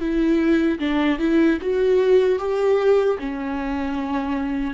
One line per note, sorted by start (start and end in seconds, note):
0.00 0.79 E4
0.79 1.19 D4
1.19 1.58 E4
1.61 2.39 F#4
2.39 3.18 G4
3.19 4.74 C#4